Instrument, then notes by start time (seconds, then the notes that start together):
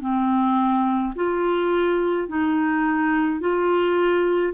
clarinet
0.00 C4
1.15 F4
2.28 D#4
3.40 F4